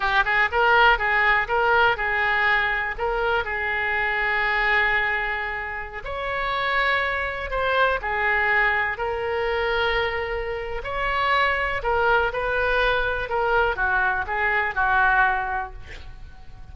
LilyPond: \new Staff \with { instrumentName = "oboe" } { \time 4/4 \tempo 4 = 122 g'8 gis'8 ais'4 gis'4 ais'4 | gis'2 ais'4 gis'4~ | gis'1~ | gis'16 cis''2. c''8.~ |
c''16 gis'2 ais'4.~ ais'16~ | ais'2 cis''2 | ais'4 b'2 ais'4 | fis'4 gis'4 fis'2 | }